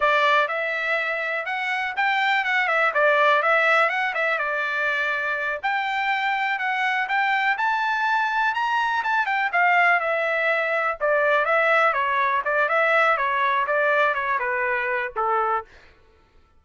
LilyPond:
\new Staff \with { instrumentName = "trumpet" } { \time 4/4 \tempo 4 = 123 d''4 e''2 fis''4 | g''4 fis''8 e''8 d''4 e''4 | fis''8 e''8 d''2~ d''8 g''8~ | g''4. fis''4 g''4 a''8~ |
a''4. ais''4 a''8 g''8 f''8~ | f''8 e''2 d''4 e''8~ | e''8 cis''4 d''8 e''4 cis''4 | d''4 cis''8 b'4. a'4 | }